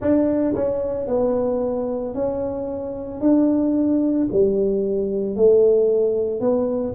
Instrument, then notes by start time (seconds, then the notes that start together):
tuba
0.01 D4
0.55 C#4
1.07 B3
2.14 C#4
3.20 D4
4.31 G3
5.36 A3
6.40 B3